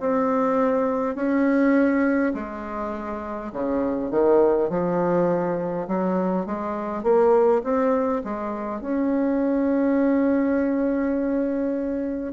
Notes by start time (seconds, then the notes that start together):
0.00 C4
1.16 C#4
2.34 G#3
3.53 C#3
4.11 D#3
4.70 F3
5.88 F#3
6.46 G#3
7.03 A#3
7.64 C4
8.25 G#3
8.81 C#4